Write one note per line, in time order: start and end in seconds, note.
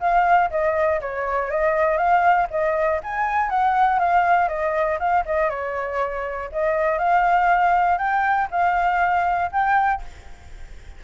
0.00 0.50 F5
0.50 1.00 D#5
1.01 1.50 C#5
1.50 1.97 D#5
1.97 2.47 F5
2.50 3.00 D#5
3.03 3.49 G#5
3.49 3.99 F#5
3.99 4.48 F5
4.48 4.98 D#5
4.99 5.24 F5
5.25 5.49 D#5
5.49 6.49 C#5
6.52 6.98 D#5
6.98 7.98 F5
7.98 8.48 G5
8.51 9.51 F5
9.52 10.02 G5